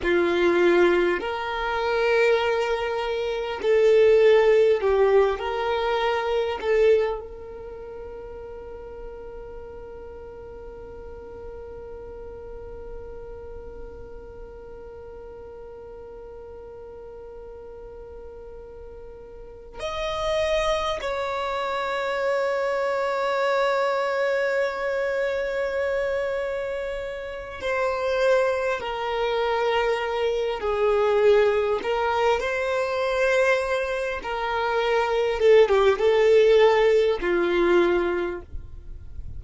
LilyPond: \new Staff \with { instrumentName = "violin" } { \time 4/4 \tempo 4 = 50 f'4 ais'2 a'4 | g'8 ais'4 a'8 ais'2~ | ais'1~ | ais'1~ |
ais'8 dis''4 cis''2~ cis''8~ | cis''2. c''4 | ais'4. gis'4 ais'8 c''4~ | c''8 ais'4 a'16 g'16 a'4 f'4 | }